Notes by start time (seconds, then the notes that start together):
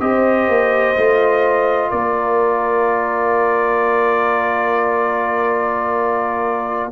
0.00 C4 G4 C5 D#5
0.48 A#3
0.96 A3 F4
1.90 A#3 A#4 D5